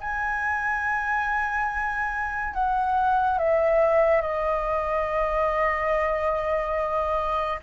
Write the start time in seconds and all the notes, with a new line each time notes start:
0.00 G#5
2.54 F#5
3.38 E5
4.21 D#5